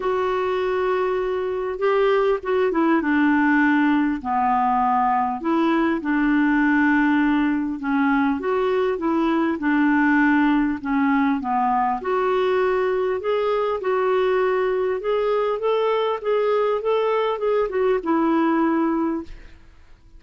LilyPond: \new Staff \with { instrumentName = "clarinet" } { \time 4/4 \tempo 4 = 100 fis'2. g'4 | fis'8 e'8 d'2 b4~ | b4 e'4 d'2~ | d'4 cis'4 fis'4 e'4 |
d'2 cis'4 b4 | fis'2 gis'4 fis'4~ | fis'4 gis'4 a'4 gis'4 | a'4 gis'8 fis'8 e'2 | }